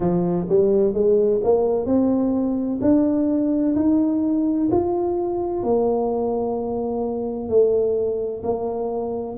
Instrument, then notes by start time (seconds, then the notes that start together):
tuba
0.00 F3
0.49 G3
0.93 G#3
1.43 A#3
1.85 C4
2.81 D4
3.75 D#4
4.71 F4
5.63 A#3
7.48 A3
8.43 A#3